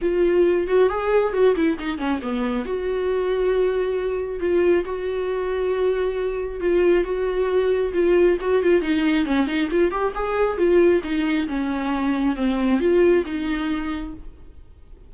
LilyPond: \new Staff \with { instrumentName = "viola" } { \time 4/4 \tempo 4 = 136 f'4. fis'8 gis'4 fis'8 e'8 | dis'8 cis'8 b4 fis'2~ | fis'2 f'4 fis'4~ | fis'2. f'4 |
fis'2 f'4 fis'8 f'8 | dis'4 cis'8 dis'8 f'8 g'8 gis'4 | f'4 dis'4 cis'2 | c'4 f'4 dis'2 | }